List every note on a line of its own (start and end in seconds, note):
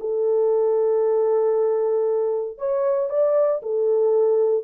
0.00 2.58 A4
2.58 3.09 C#5
3.09 3.61 D5
3.62 4.64 A4